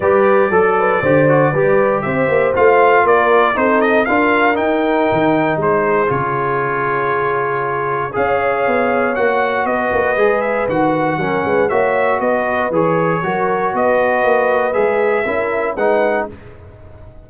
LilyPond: <<
  \new Staff \with { instrumentName = "trumpet" } { \time 4/4 \tempo 4 = 118 d''1 | e''4 f''4 d''4 c''8 dis''8 | f''4 g''2 c''4 | cis''1 |
f''2 fis''4 dis''4~ | dis''8 e''8 fis''2 e''4 | dis''4 cis''2 dis''4~ | dis''4 e''2 fis''4 | }
  \new Staff \with { instrumentName = "horn" } { \time 4/4 b'4 a'8 b'8 c''4 b'4 | c''2 ais'4 a'4 | ais'2. gis'4~ | gis'1 |
cis''2. b'4~ | b'2 ais'8 b'8 cis''4 | b'2 ais'4 b'4~ | b'2 ais'4 b'4 | }
  \new Staff \with { instrumentName = "trombone" } { \time 4/4 g'4 a'4 g'8 fis'8 g'4~ | g'4 f'2 dis'4 | f'4 dis'2. | f'1 |
gis'2 fis'2 | gis'4 fis'4 cis'4 fis'4~ | fis'4 gis'4 fis'2~ | fis'4 gis'4 e'4 dis'4 | }
  \new Staff \with { instrumentName = "tuba" } { \time 4/4 g4 fis4 d4 g4 | c'8 ais8 a4 ais4 c'4 | d'4 dis'4 dis4 gis4 | cis1 |
cis'4 b4 ais4 b8 ais8 | gis4 dis4 fis8 gis8 ais4 | b4 e4 fis4 b4 | ais4 gis4 cis'4 gis4 | }
>>